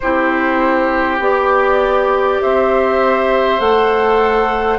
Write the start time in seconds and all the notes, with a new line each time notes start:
0.00 C4 E4 G4 C5
1.19 B3 G4 D5
2.42 C4 C5 E5
3.58 A3 A4 F#5